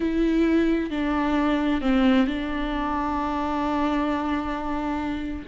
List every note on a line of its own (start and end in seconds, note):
0.00 0.90 E4
0.90 1.81 D4
1.81 2.26 C4
2.26 5.45 D4